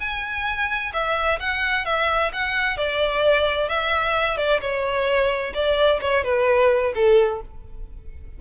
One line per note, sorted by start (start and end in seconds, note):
0.00 0.92 G#5
0.93 1.40 E5
1.40 1.85 F#5
1.85 2.32 E5
2.33 2.77 F#5
2.77 3.69 D5
3.69 4.37 E5
4.37 4.60 D5
4.61 5.53 C#5
5.54 6.00 D5
6.01 6.24 C#5
6.24 6.94 B4
6.95 7.41 A4